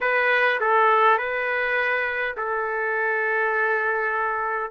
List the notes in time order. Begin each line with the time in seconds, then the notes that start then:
0.01 B4
0.60 A4
1.18 B4
2.36 A4